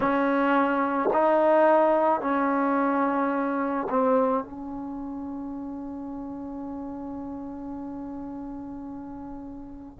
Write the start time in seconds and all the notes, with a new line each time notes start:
0.00 C#4
1.13 D#4
2.20 C#4
3.89 C4
4.43 C#4